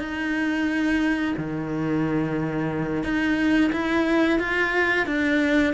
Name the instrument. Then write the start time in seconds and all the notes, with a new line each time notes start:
cello
0.00 D#4
1.38 D#3
3.04 D#4
3.73 E4
4.40 F4
5.07 D4